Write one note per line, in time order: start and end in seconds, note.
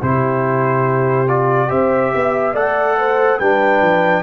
0.00 1.71 C3
0.00 1.27 E4
0.00 1.68 G4
0.00 1.28 C5
1.27 1.67 F4
1.27 1.70 D5
1.67 2.13 C4
1.67 2.52 G4
1.67 2.11 C5
1.67 2.55 E5
2.15 2.54 B3
2.15 2.54 E5
2.54 3.38 A3
2.54 3.39 A4
2.54 2.96 D5
2.54 3.39 F#5
2.97 3.38 C5
3.38 3.81 G3
3.38 4.22 D4
3.38 4.22 B4
3.38 4.22 G5
3.81 4.22 F3